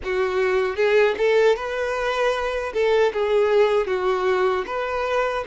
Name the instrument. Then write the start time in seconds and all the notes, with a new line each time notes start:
violin
0.04 F#4
0.76 G#4
1.17 A4
1.56 B4
2.73 A4
3.13 G#4
3.86 F#4
4.66 B4